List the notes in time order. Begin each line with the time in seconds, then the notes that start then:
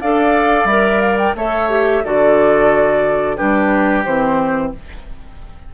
0.00 D4 A4 D5 F5
0.64 G3 A#4 E5
1.00 F5
1.18 G5
1.35 A3 A4 C#5 E5
1.69 G4
2.04 D3 F#4 A4 D5
3.36 G3 D4 G4 B4
4.04 E3 C4 C5